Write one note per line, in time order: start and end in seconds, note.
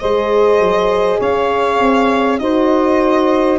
0.00 0.59 G#3
0.00 2.40 G#4
0.00 1.19 C5
0.00 1.20 D#5
0.59 1.19 F#3
1.19 1.80 C#4
1.19 2.39 C#5
1.19 2.39 F5
1.80 2.40 C4
2.39 3.60 D#4
2.39 3.60 F#4
2.39 3.60 C5
2.39 3.59 D#5